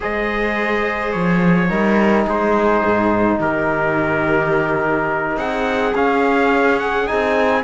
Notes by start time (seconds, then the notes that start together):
0.00 G#3 G#4 C5 D#5
1.12 F3 C#5
1.68 G3 D#4 A#4
2.25 G#3 G#4 C5
2.85 G#2
3.39 D#3 G4 A#4
5.37 C4 G#4 F#5
5.94 C#4 F5
6.79 F#5
7.06 C4 D#4 G#5